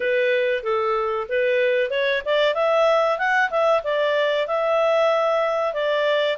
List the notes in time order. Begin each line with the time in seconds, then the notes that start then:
0.00 B4
0.63 A4
1.29 B4
1.90 C#5
2.25 D5
2.54 E5
3.18 F#5
3.50 E5
3.83 D5
4.47 E5
5.73 D5